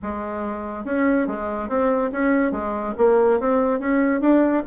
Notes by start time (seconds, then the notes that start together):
0.02 G#3
0.85 C#4
1.27 G#3
1.68 C4
2.12 C#4
2.51 G#3
2.97 A#3
3.40 C4
3.79 C#4
4.20 D4